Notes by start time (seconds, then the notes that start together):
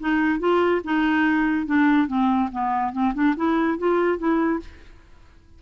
0.00 D#4
0.40 F4
0.84 D#4
1.66 D4
2.08 C4
2.52 B3
2.93 C4
3.14 D4
3.36 E4
3.78 F4
4.18 E4